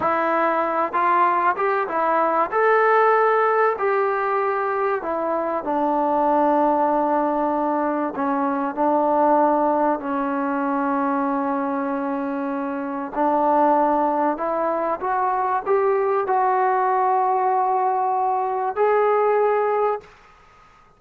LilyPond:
\new Staff \with { instrumentName = "trombone" } { \time 4/4 \tempo 4 = 96 e'4. f'4 g'8 e'4 | a'2 g'2 | e'4 d'2.~ | d'4 cis'4 d'2 |
cis'1~ | cis'4 d'2 e'4 | fis'4 g'4 fis'2~ | fis'2 gis'2 | }